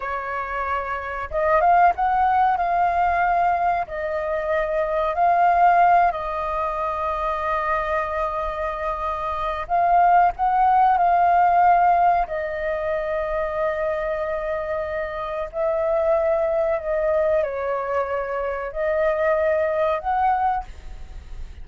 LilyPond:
\new Staff \with { instrumentName = "flute" } { \time 4/4 \tempo 4 = 93 cis''2 dis''8 f''8 fis''4 | f''2 dis''2 | f''4. dis''2~ dis''8~ | dis''2. f''4 |
fis''4 f''2 dis''4~ | dis''1 | e''2 dis''4 cis''4~ | cis''4 dis''2 fis''4 | }